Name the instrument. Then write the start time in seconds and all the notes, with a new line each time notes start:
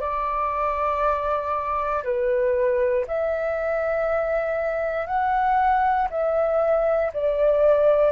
flute
0.00 D5
2.04 B4
3.07 E5
5.07 F#5
6.10 E5
7.14 D5